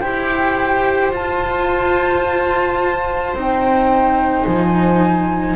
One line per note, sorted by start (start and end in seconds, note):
0.00 1.11 E4
0.00 1.12 G4
0.00 5.56 C5
0.00 1.11 G5
1.11 3.33 F4
1.11 3.34 F4
1.11 3.37 A5
3.33 4.44 C4
3.33 5.56 D#4
3.40 4.44 G5
4.44 5.56 F3
4.44 5.56 G#5